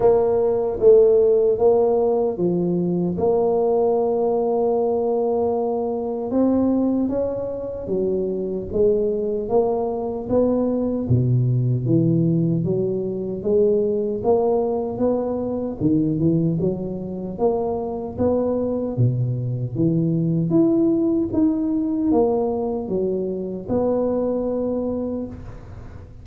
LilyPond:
\new Staff \with { instrumentName = "tuba" } { \time 4/4 \tempo 4 = 76 ais4 a4 ais4 f4 | ais1 | c'4 cis'4 fis4 gis4 | ais4 b4 b,4 e4 |
fis4 gis4 ais4 b4 | dis8 e8 fis4 ais4 b4 | b,4 e4 e'4 dis'4 | ais4 fis4 b2 | }